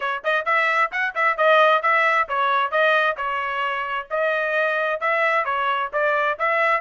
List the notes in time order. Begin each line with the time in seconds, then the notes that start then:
0.00 C#5
0.24 D#5
0.45 E5
0.91 F#5
1.14 E5
1.37 D#5
1.82 E5
2.28 C#5
2.71 D#5
3.17 C#5
4.10 D#5
5.00 E5
5.44 C#5
5.92 D5
6.38 E5